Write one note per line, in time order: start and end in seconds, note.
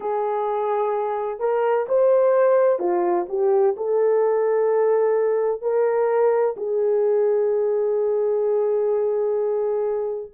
0.00 1.39 G#4
1.39 1.86 A#4
1.88 2.79 C5
2.79 3.26 F4
3.28 3.75 G4
3.77 5.61 A4
5.61 6.55 A#4
6.56 10.31 G#4